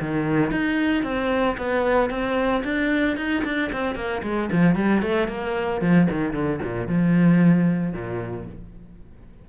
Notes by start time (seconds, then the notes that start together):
0.00 D#3
0.51 D#4
1.03 C4
1.57 B3
2.09 C4
2.64 D4
3.16 D#4
3.44 D4
3.72 C4
3.95 A#3
4.23 G#3
4.52 F3
4.75 G3
5.02 A3
5.28 A#3
5.81 F3
6.10 D#3
6.33 D3
6.63 A#2
6.87 F3
7.93 A#2